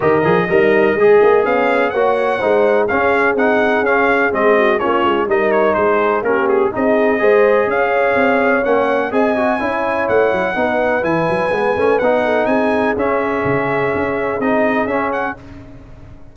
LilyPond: <<
  \new Staff \with { instrumentName = "trumpet" } { \time 4/4 \tempo 4 = 125 dis''2. f''4 | fis''2 f''4 fis''4 | f''4 dis''4 cis''4 dis''8 cis''8 | c''4 ais'8 gis'8 dis''2 |
f''2 fis''4 gis''4~ | gis''4 fis''2 gis''4~ | gis''4 fis''4 gis''4 e''4~ | e''2 dis''4 e''8 fis''8 | }
  \new Staff \with { instrumentName = "horn" } { \time 4/4 ais'4 dis'4 gis'4 cis'4 | cis''4 c''4 gis'2~ | gis'4. fis'8 f'4 ais'4 | gis'4 g'4 gis'4 c''4 |
cis''2. dis''4 | cis''2 b'2~ | b'4. a'8 gis'2~ | gis'1 | }
  \new Staff \with { instrumentName = "trombone" } { \time 4/4 g'8 gis'8 ais'4 gis'2 | fis'4 dis'4 cis'4 dis'4 | cis'4 c'4 cis'4 dis'4~ | dis'4 cis'4 dis'4 gis'4~ |
gis'2 cis'4 gis'8 fis'8 | e'2 dis'4 e'4 | b8 cis'8 dis'2 cis'4~ | cis'2 dis'4 cis'4 | }
  \new Staff \with { instrumentName = "tuba" } { \time 4/4 dis8 f8 g4 gis8 ais8 b4 | ais4 gis4 cis'4 c'4 | cis'4 gis4 ais8 gis8 g4 | gis4 ais4 c'4 gis4 |
cis'4 c'4 ais4 c'4 | cis'4 a8 fis8 b4 e8 fis8 | gis8 a8 b4 c'4 cis'4 | cis4 cis'4 c'4 cis'4 | }
>>